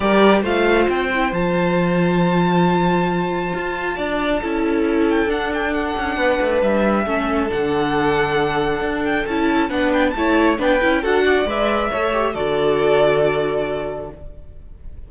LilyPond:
<<
  \new Staff \with { instrumentName = "violin" } { \time 4/4 \tempo 4 = 136 d''4 f''4 g''4 a''4~ | a''1~ | a''2.~ a''8 g''8 | fis''8 g''8 fis''2 e''4~ |
e''4 fis''2.~ | fis''8 g''8 a''4 fis''8 g''8 a''4 | g''4 fis''4 e''2 | d''1 | }
  \new Staff \with { instrumentName = "violin" } { \time 4/4 ais'4 c''2.~ | c''1~ | c''4 d''4 a'2~ | a'2 b'2 |
a'1~ | a'2 b'4 cis''4 | b'4 a'8 d''4. cis''4 | a'1 | }
  \new Staff \with { instrumentName = "viola" } { \time 4/4 g'4 f'4. e'8 f'4~ | f'1~ | f'2 e'2 | d'1 |
cis'4 d'2.~ | d'4 e'4 d'4 e'4 | d'8 e'8 fis'4 b'4 a'8 g'8 | fis'1 | }
  \new Staff \with { instrumentName = "cello" } { \time 4/4 g4 a4 c'4 f4~ | f1 | f'4 d'4 cis'2 | d'4. cis'8 b8 a8 g4 |
a4 d2. | d'4 cis'4 b4 a4 | b8 cis'8 d'4 gis4 a4 | d1 | }
>>